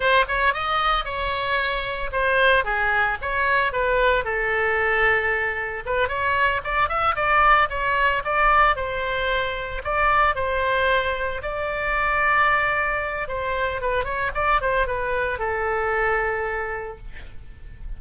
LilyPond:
\new Staff \with { instrumentName = "oboe" } { \time 4/4 \tempo 4 = 113 c''8 cis''8 dis''4 cis''2 | c''4 gis'4 cis''4 b'4 | a'2. b'8 cis''8~ | cis''8 d''8 e''8 d''4 cis''4 d''8~ |
d''8 c''2 d''4 c''8~ | c''4. d''2~ d''8~ | d''4 c''4 b'8 cis''8 d''8 c''8 | b'4 a'2. | }